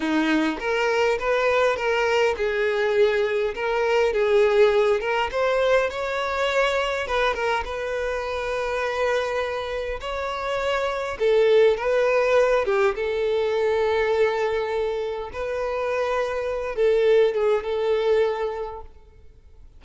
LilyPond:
\new Staff \with { instrumentName = "violin" } { \time 4/4 \tempo 4 = 102 dis'4 ais'4 b'4 ais'4 | gis'2 ais'4 gis'4~ | gis'8 ais'8 c''4 cis''2 | b'8 ais'8 b'2.~ |
b'4 cis''2 a'4 | b'4. g'8 a'2~ | a'2 b'2~ | b'8 a'4 gis'8 a'2 | }